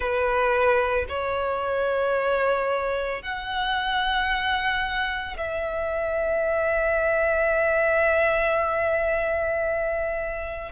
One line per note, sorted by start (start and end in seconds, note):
0.00 1.05 B4
1.09 3.22 C#5
3.22 5.36 F#5
5.37 10.71 E5